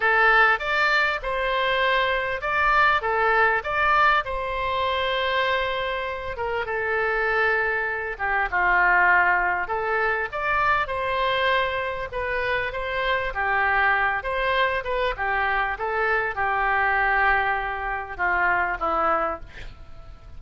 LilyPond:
\new Staff \with { instrumentName = "oboe" } { \time 4/4 \tempo 4 = 99 a'4 d''4 c''2 | d''4 a'4 d''4 c''4~ | c''2~ c''8 ais'8 a'4~ | a'4. g'8 f'2 |
a'4 d''4 c''2 | b'4 c''4 g'4. c''8~ | c''8 b'8 g'4 a'4 g'4~ | g'2 f'4 e'4 | }